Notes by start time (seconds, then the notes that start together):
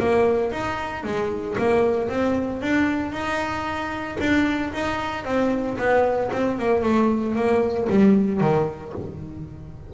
0.00 A#3
0.52 D#4
1.04 G#3
1.59 A#3
2.10 C4
2.62 D4
3.13 D#4
4.20 D4
4.74 D#4
5.25 C4
5.78 B3
6.33 C4
6.59 A#3
6.83 A3
7.36 A#3
7.90 G3
8.41 D#3